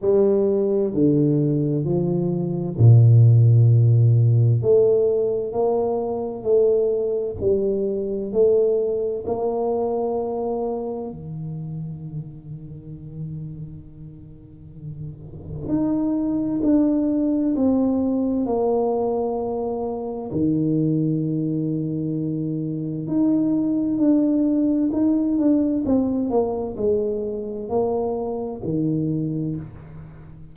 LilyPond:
\new Staff \with { instrumentName = "tuba" } { \time 4/4 \tempo 4 = 65 g4 d4 f4 ais,4~ | ais,4 a4 ais4 a4 | g4 a4 ais2 | dis1~ |
dis4 dis'4 d'4 c'4 | ais2 dis2~ | dis4 dis'4 d'4 dis'8 d'8 | c'8 ais8 gis4 ais4 dis4 | }